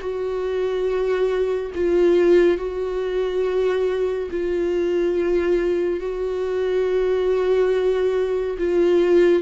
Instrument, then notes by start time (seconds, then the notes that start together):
viola
0.00 F#4
1.75 F4
2.58 F#4
4.31 F4
6.00 F#4
8.58 F4